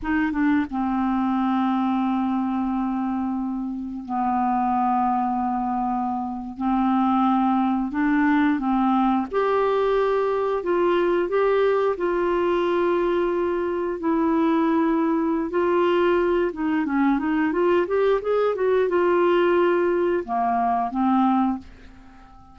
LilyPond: \new Staff \with { instrumentName = "clarinet" } { \time 4/4 \tempo 4 = 89 dis'8 d'8 c'2.~ | c'2 b2~ | b4.~ b16 c'2 d'16~ | d'8. c'4 g'2 f'16~ |
f'8. g'4 f'2~ f'16~ | f'8. e'2~ e'16 f'4~ | f'8 dis'8 cis'8 dis'8 f'8 g'8 gis'8 fis'8 | f'2 ais4 c'4 | }